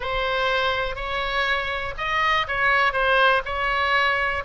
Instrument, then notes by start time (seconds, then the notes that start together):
oboe
0.00 C5
0.95 C#5
1.97 D#5
2.47 C#5
2.92 C5
3.45 C#5